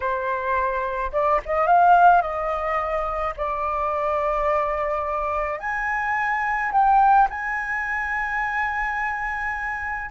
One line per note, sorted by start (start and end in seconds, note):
0.00 1.11 C5
1.12 1.40 D5
1.45 1.66 D#5
1.66 2.21 F5
2.21 3.34 D#5
3.36 5.59 D5
5.59 6.71 G#5
6.72 7.28 G5
7.29 10.10 G#5